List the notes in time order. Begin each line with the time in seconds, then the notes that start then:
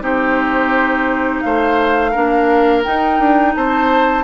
0.00 C4 D#4 G4 C5
1.41 A3 C5 F5
2.11 A#3 D4 A#4
2.84 D#4 G5
3.19 D4
3.55 C4 C5 A5